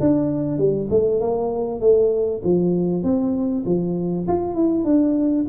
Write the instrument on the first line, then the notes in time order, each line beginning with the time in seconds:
tuba
0.00 D4
0.58 G3
0.90 A3
1.21 A#3
1.81 A3
2.44 F3
3.03 C4
3.66 F3
4.28 F4
4.55 E4
4.85 D4